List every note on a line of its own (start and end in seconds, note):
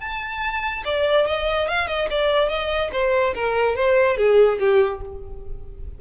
0.00 0.83 A5
0.85 1.26 D5
1.26 1.68 D#5
1.68 1.87 F5
1.87 2.08 D#5
2.10 2.49 D5
2.49 2.91 D#5
2.92 3.34 C5
3.34 3.76 A#4
3.76 4.17 C5
4.17 4.58 G#4
4.59 5.01 G4